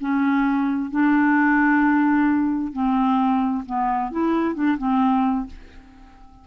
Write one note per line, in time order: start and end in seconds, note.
0.00 0.91 C#4
0.91 2.73 D4
2.73 3.64 C4
3.66 4.11 B3
4.11 4.54 E4
4.54 4.77 D4
4.78 5.46 C4